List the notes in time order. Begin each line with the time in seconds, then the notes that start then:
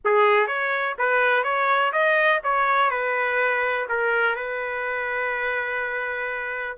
0.04 G#4
0.47 C#5
0.98 B4
1.43 C#5
1.92 D#5
2.43 C#5
2.90 B4
3.88 A#4
4.35 B4